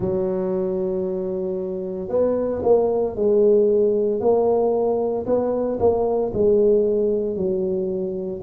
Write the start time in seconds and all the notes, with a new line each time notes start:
0.00 F#3
2.09 B3
2.63 A#3
3.15 G#3
4.20 A#3
5.26 B3
5.79 A#3
6.33 G#3
7.36 F#3